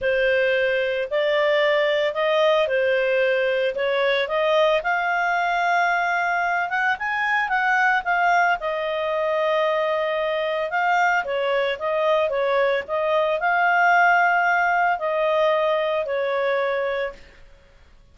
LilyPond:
\new Staff \with { instrumentName = "clarinet" } { \time 4/4 \tempo 4 = 112 c''2 d''2 | dis''4 c''2 cis''4 | dis''4 f''2.~ | f''8 fis''8 gis''4 fis''4 f''4 |
dis''1 | f''4 cis''4 dis''4 cis''4 | dis''4 f''2. | dis''2 cis''2 | }